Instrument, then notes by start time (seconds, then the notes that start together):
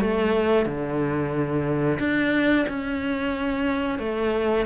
cello
0.00 A3
0.65 D3
1.99 D4
2.68 C#4
3.98 A3